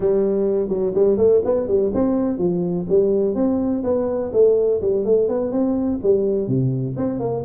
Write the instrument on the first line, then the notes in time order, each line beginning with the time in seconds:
tuba
0.00 G3
0.68 F#3
0.94 G3
1.17 A3
1.44 B3
1.67 G3
1.94 C4
2.38 F3
2.88 G3
3.34 C4
3.83 B3
4.32 A3
4.81 G3
5.05 A3
5.28 B3
5.51 C4
6.02 G3
6.47 C3
6.96 C4
7.19 A#3